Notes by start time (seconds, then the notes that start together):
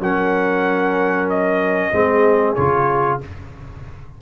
0.00 F#3 C#4 A#4 F#5
1.30 D#5
1.93 G#3 C4 G#4
2.55 C#3 F4 C#5